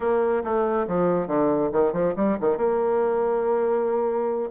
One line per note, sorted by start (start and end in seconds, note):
0.00 0.43 A#3
0.44 0.86 A3
0.87 1.27 F3
1.27 1.69 D3
1.72 1.92 D#3
1.92 2.14 F3
2.16 2.37 G3
2.40 2.57 D#3
2.57 4.50 A#3